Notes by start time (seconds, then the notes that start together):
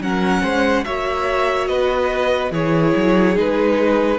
0.00 F#3 C#4 A#4 F#5
0.42 G#3 C5
0.84 A#3 F#4 C#5 E5
1.67 B3 B4 D#5
2.51 E3 E4 G#4 C#5
2.96 F#3
3.35 G#3 D#4 B4